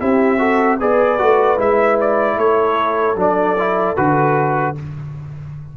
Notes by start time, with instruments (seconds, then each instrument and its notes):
0.00 tuba C4, trombone E4, horn G4, trumpet E5
0.38 trombone F#4, horn A4
0.79 tuba B3, trombone G#4, horn B4, trumpet D5
1.19 tuba A3, trombone F#4
1.58 tuba G#3, trombone E4, trumpet E5
2.01 trumpet D5
2.37 tuba A3, horn A4, trumpet C#5
3.16 tuba F#3, trombone D4, trumpet D5
3.59 trombone E4
3.97 tuba D3, trombone F#4, trumpet B4